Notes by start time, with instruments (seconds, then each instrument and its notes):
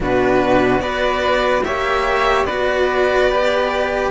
0.00 cello B2 D4, flute F#4, violin B4
0.79 cello B3 F#4, flute B4, violin D5
1.64 cello A#3 G4, flute C#5, violin E5
2.44 cello B3 F#4, flute B4, violin D5
3.31 cello G4